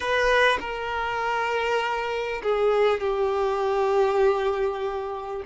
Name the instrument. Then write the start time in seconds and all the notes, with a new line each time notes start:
violin
0.00 B4
0.60 A#4
2.42 G#4
3.00 G4